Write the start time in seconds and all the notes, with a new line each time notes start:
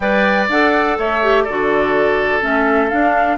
0.00 G3 B4 D5 G5
0.48 D4 A4 F#5
0.98 A3 C#5 E5
1.22 G4
1.43 D3 F#4 A4 D5
2.40 A3 C#4 E5
2.89 D4 F5